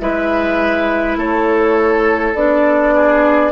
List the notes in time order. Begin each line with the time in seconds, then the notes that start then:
0.00 G#3 E4 B4 E5
1.16 A3 A4 C#5
2.35 B3 D4 D5
2.95 G#4